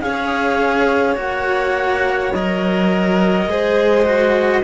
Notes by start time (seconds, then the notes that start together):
0.00 C#4 G#4 C#5 F5
1.15 A#3 F#4 F#5
2.33 F#3 A#4 D#5
3.47 G#3 G#4 C5
4.05 F#4